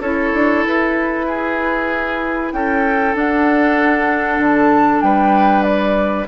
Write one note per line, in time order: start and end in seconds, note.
0.00 0.31 C#4
0.00 3.15 E4
0.00 1.26 A4
0.00 0.65 C#5
0.35 0.66 D4
0.67 2.53 E4
0.67 2.53 B4
1.28 2.53 G#4
2.53 3.15 C#4
2.53 5.05 A4
2.53 3.16 G5
3.15 6.27 D4
3.15 4.39 D4
3.15 4.43 F#5
4.39 5.02 D3
4.39 5.02 A5
5.02 6.27 G3
5.02 6.28 B4
5.02 5.63 G5
5.63 6.26 D5